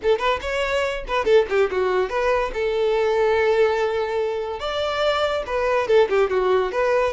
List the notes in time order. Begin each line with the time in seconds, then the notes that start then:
0.02 A4
0.18 B4
0.41 C#5
1.07 B4
1.25 A4
1.49 G4
1.71 F#4
2.09 B4
2.53 A4
4.59 D5
5.46 B4
5.87 A4
6.09 G4
6.30 F#4
6.72 B4